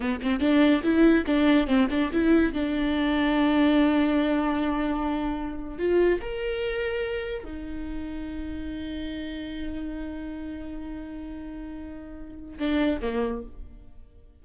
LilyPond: \new Staff \with { instrumentName = "viola" } { \time 4/4 \tempo 4 = 143 b8 c'8 d'4 e'4 d'4 | c'8 d'8 e'4 d'2~ | d'1~ | d'4.~ d'16 f'4 ais'4~ ais'16~ |
ais'4.~ ais'16 dis'2~ dis'16~ | dis'1~ | dis'1~ | dis'2 d'4 ais4 | }